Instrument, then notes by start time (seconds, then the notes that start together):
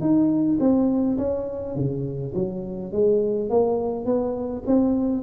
tuba
0.00 D#4
0.59 C4
1.17 C#4
1.75 C#3
2.34 F#3
2.92 G#3
3.50 A#3
4.05 B3
4.66 C4